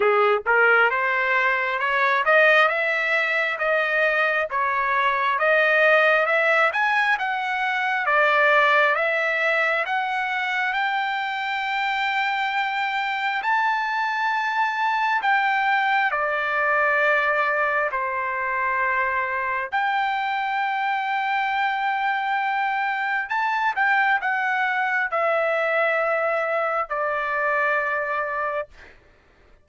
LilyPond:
\new Staff \with { instrumentName = "trumpet" } { \time 4/4 \tempo 4 = 67 gis'8 ais'8 c''4 cis''8 dis''8 e''4 | dis''4 cis''4 dis''4 e''8 gis''8 | fis''4 d''4 e''4 fis''4 | g''2. a''4~ |
a''4 g''4 d''2 | c''2 g''2~ | g''2 a''8 g''8 fis''4 | e''2 d''2 | }